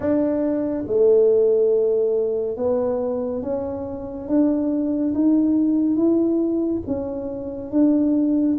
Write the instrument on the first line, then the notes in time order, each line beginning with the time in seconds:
tuba
0.00 D4
0.86 A3
2.56 B3
3.42 C#4
4.27 D4
5.14 D#4
5.96 E4
6.86 C#4
7.71 D4